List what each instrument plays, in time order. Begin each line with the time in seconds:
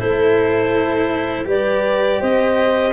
0.00 tuba A3, cello E4, horn A4, clarinet C5
1.46 tuba G3, cello G4, horn B4, clarinet D5
2.21 tuba C4, horn C5, clarinet D#5